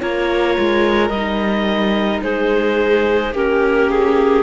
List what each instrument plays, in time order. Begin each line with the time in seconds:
0.00 cello A#3, viola F4, violin A#4, clarinet C#5
0.59 cello G#3
1.09 cello G3, clarinet D#5
1.16 viola D#4
2.22 cello G#3, violin G#4, clarinet C5
3.33 cello A#3, viola C#4, violin G4, clarinet A#4
3.90 clarinet G#4